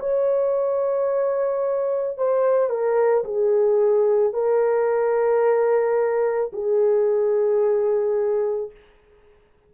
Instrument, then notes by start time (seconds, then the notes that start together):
horn
0.00 C#5
2.18 C5
2.70 A#4
3.25 G#4
4.33 A#4
6.53 G#4